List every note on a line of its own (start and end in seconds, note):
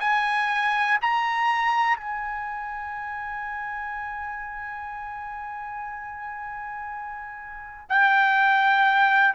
0.00 0.98 G#5
1.01 1.97 A#5
1.97 7.87 G#5
7.89 9.34 G5